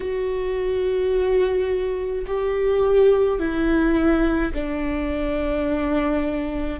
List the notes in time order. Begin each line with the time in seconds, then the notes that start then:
0.00 F#4
2.26 G4
3.39 E4
4.53 D4